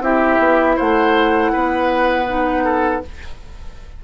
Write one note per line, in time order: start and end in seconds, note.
0.00 0.38 C4
0.00 2.27 E4
0.00 0.76 G4
0.00 0.78 E5
0.39 0.76 B3
0.76 1.54 A3
0.76 1.51 C5
0.76 3.04 F#5
1.52 3.04 B3
1.52 2.64 B4
2.27 3.02 D#4
2.64 3.01 A4